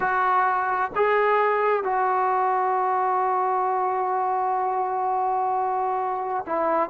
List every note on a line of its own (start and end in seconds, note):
0.00 0.91 F#4
0.95 1.83 G#4
1.83 6.45 F#4
6.46 6.89 E4